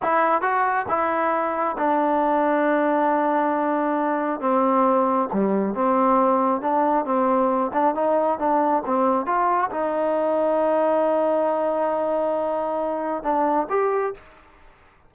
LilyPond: \new Staff \with { instrumentName = "trombone" } { \time 4/4 \tempo 4 = 136 e'4 fis'4 e'2 | d'1~ | d'2 c'2 | g4 c'2 d'4 |
c'4. d'8 dis'4 d'4 | c'4 f'4 dis'2~ | dis'1~ | dis'2 d'4 g'4 | }